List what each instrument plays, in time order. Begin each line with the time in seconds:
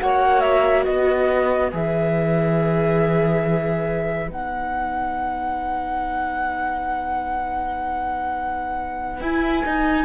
0.00 cello A#3, viola F#4, violin C#5, flute F#5
0.41 flute E5
0.85 cello B3, violin B4, flute D#5
1.72 cello E3, viola G#4, flute E5
4.27 cello B3, viola D#4, flute F#5
9.21 cello E4, viola E4, flute G#5
9.66 cello D#4, viola D#4